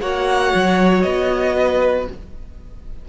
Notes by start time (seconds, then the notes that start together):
0.00 A#3 F#4 C#5 F#5
0.54 F#3
1.01 B3 D#5
1.57 B4